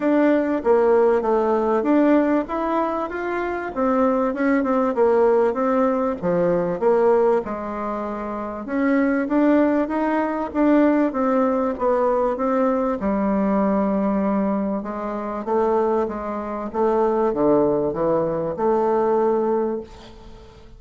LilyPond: \new Staff \with { instrumentName = "bassoon" } { \time 4/4 \tempo 4 = 97 d'4 ais4 a4 d'4 | e'4 f'4 c'4 cis'8 c'8 | ais4 c'4 f4 ais4 | gis2 cis'4 d'4 |
dis'4 d'4 c'4 b4 | c'4 g2. | gis4 a4 gis4 a4 | d4 e4 a2 | }